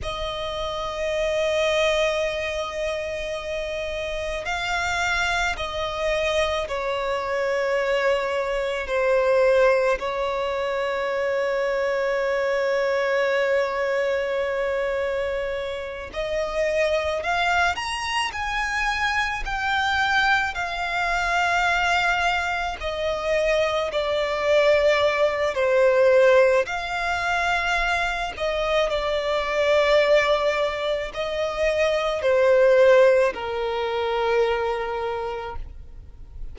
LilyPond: \new Staff \with { instrumentName = "violin" } { \time 4/4 \tempo 4 = 54 dis''1 | f''4 dis''4 cis''2 | c''4 cis''2.~ | cis''2~ cis''8 dis''4 f''8 |
ais''8 gis''4 g''4 f''4.~ | f''8 dis''4 d''4. c''4 | f''4. dis''8 d''2 | dis''4 c''4 ais'2 | }